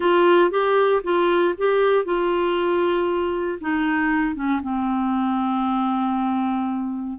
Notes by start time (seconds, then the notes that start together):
0.00 F4
0.50 G4
1.03 F4
1.57 G4
2.04 F4
3.60 D#4
4.34 C#4
4.62 C4